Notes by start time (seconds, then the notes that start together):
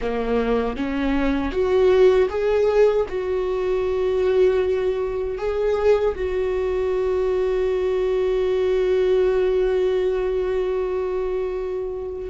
0.01 A#3
0.76 C#4
1.51 F#4
2.29 G#4
3.08 F#4
5.37 G#4
6.15 F#4